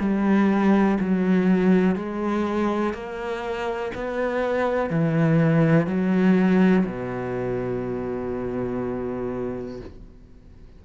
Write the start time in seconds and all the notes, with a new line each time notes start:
0.00 G3
1.00 F#3
1.96 G#3
2.94 A#3
3.95 B3
4.90 E3
5.87 F#3
6.86 B2